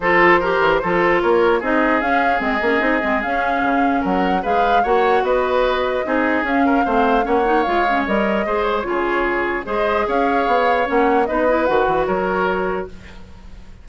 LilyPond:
<<
  \new Staff \with { instrumentName = "flute" } { \time 4/4 \tempo 4 = 149 c''2. cis''4 | dis''4 f''4 dis''2 | f''2 fis''4 f''4 | fis''4 dis''2. |
f''2 fis''4 f''4 | dis''4. cis''2~ cis''8 | dis''4 f''2 fis''4 | dis''4 fis''4 cis''2 | }
  \new Staff \with { instrumentName = "oboe" } { \time 4/4 a'4 ais'4 a'4 ais'4 | gis'1~ | gis'2 ais'4 b'4 | cis''4 b'2 gis'4~ |
gis'8 ais'8 c''4 cis''2~ | cis''4 c''4 gis'2 | c''4 cis''2. | b'2 ais'2 | }
  \new Staff \with { instrumentName = "clarinet" } { \time 4/4 f'4 g'4 f'2 | dis'4 cis'4 c'8 cis'8 dis'8 c'8 | cis'2. gis'4 | fis'2. dis'4 |
cis'4 c'4 cis'8 dis'8 f'8 cis'8 | ais'4 gis'4 f'2 | gis'2. cis'4 | dis'8 e'8 fis'2. | }
  \new Staff \with { instrumentName = "bassoon" } { \time 4/4 f4. e8 f4 ais4 | c'4 cis'4 gis8 ais8 c'8 gis8 | cis'4 cis4 fis4 gis4 | ais4 b2 c'4 |
cis'4 a4 ais4 gis4 | g4 gis4 cis2 | gis4 cis'4 b4 ais4 | b4 dis8 e8 fis2 | }
>>